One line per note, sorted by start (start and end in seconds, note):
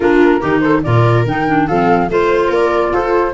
0.00 0.40 A#3
0.00 0.40 D4
0.00 0.41 F4
0.00 0.60 A#4
0.40 0.85 D#3
0.40 0.82 D#4
0.40 0.62 G4
0.60 0.84 A4
0.60 0.81 C5
0.83 1.26 A#2
0.83 1.26 F4
0.83 1.67 A#4
0.83 1.25 D5
1.26 1.68 D#3
1.26 1.47 D#4
1.26 1.67 G5
1.47 1.68 D4
1.67 2.09 F3
1.67 2.09 C4
1.67 2.09 A4
1.67 2.09 F5
2.09 2.49 A3
2.09 3.33 F4
2.09 2.47 C5
2.09 2.53 C5
2.47 2.91 A#3
2.47 2.89 A#4
2.53 2.94 D5
2.92 3.33 F4
2.92 3.33 A4
2.92 3.33 C5